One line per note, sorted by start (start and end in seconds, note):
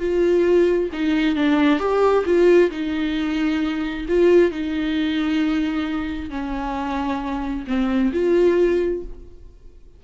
0.00 0.90 F4
0.93 1.36 D#4
1.36 1.79 D4
1.79 2.25 G4
2.26 2.71 F4
2.71 4.06 D#4
4.08 4.51 F4
4.51 6.30 D#4
6.30 7.65 C#4
7.67 8.12 C4
8.13 9.03 F4